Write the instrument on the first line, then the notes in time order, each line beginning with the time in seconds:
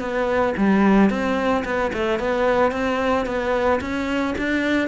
cello
0.00 B3
0.57 G3
1.10 C4
1.64 B3
1.93 A3
2.19 B3
2.71 C4
3.26 B3
3.81 C#4
4.38 D4